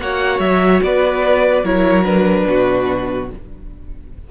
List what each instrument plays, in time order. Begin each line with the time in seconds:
0.00 cello A#3, viola F#4, violin C#5 F#5
0.40 cello F#3, violin E5
0.83 cello B3, violin B4 D5
1.64 cello F#3, viola E4, violin A#4 C#5
2.04 viola D4, violin B4
2.47 cello B2, violin F#4